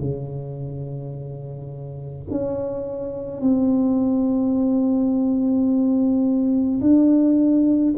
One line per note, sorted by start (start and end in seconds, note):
0.00 2.26 C#3
2.31 3.41 C#4
3.41 6.81 C4
6.81 7.94 D4